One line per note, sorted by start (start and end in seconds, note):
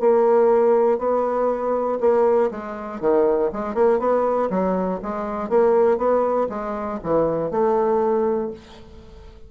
0.00 0.98 A#3
0.98 1.98 B3
2.00 2.50 A#3
2.50 3.00 G#3
3.00 3.50 D#3
3.53 3.74 G#3
3.74 3.99 A#3
3.99 4.49 B3
4.50 5.00 F#3
5.02 5.49 G#3
5.49 5.97 A#3
5.97 6.47 B3
6.49 6.99 G#3
7.03 7.50 E3
7.50 8.50 A3